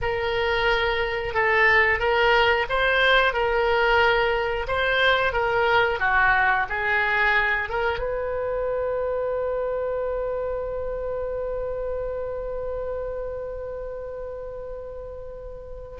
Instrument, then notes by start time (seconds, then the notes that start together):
oboe
0.01 A#4
1.34 A4
1.99 A#4
2.69 C5
3.33 A#4
4.67 C5
5.32 A#4
5.99 F#4
6.68 G#4
7.68 A#4
7.98 B4